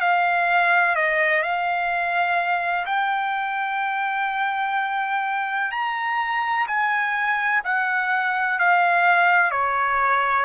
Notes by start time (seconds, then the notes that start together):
0.00 F5
0.95 D#5
1.42 F5
2.85 G5
5.71 A#5
6.67 G#5
7.64 F#5
8.59 F5
9.51 C#5